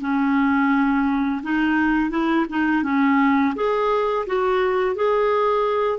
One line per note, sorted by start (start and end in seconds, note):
0.00 1.41 C#4
1.43 2.10 D#4
2.10 2.45 E4
2.49 2.83 D#4
2.83 3.54 C#4
3.55 4.26 G#4
4.26 4.95 F#4
4.95 5.99 G#4